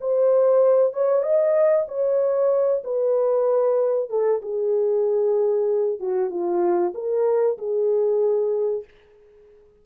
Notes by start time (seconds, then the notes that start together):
0.00 C5
0.93 C#5
1.23 D#5
1.88 C#5
2.84 B4
4.09 A4
4.42 G#4
5.99 F#4
6.30 F4
6.94 A#4
7.58 G#4